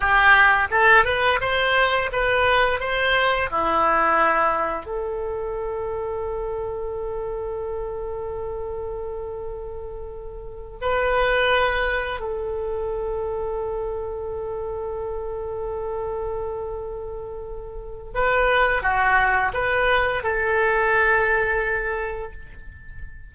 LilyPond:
\new Staff \with { instrumentName = "oboe" } { \time 4/4 \tempo 4 = 86 g'4 a'8 b'8 c''4 b'4 | c''4 e'2 a'4~ | a'1~ | a'2.~ a'8 b'8~ |
b'4. a'2~ a'8~ | a'1~ | a'2 b'4 fis'4 | b'4 a'2. | }